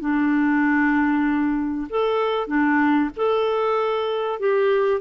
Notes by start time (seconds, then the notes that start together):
0.00 D4
1.89 A4
2.47 D4
3.16 A4
4.39 G4